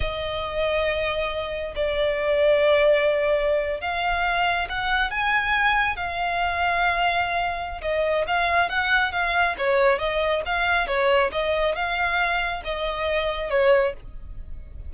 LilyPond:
\new Staff \with { instrumentName = "violin" } { \time 4/4 \tempo 4 = 138 dis''1 | d''1~ | d''8. f''2 fis''4 gis''16~ | gis''4.~ gis''16 f''2~ f''16~ |
f''2 dis''4 f''4 | fis''4 f''4 cis''4 dis''4 | f''4 cis''4 dis''4 f''4~ | f''4 dis''2 cis''4 | }